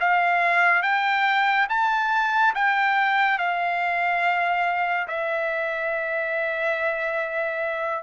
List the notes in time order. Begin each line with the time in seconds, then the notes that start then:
0.00 F5
0.83 G5
1.69 A5
2.55 G5
3.38 F5
5.08 E5